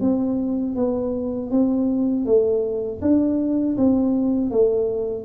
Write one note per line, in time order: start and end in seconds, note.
0.00 0.75 C4
0.75 1.50 B3
1.51 2.25 C4
2.25 3.00 A3
3.01 3.76 D4
3.77 4.50 C4
4.50 5.24 A3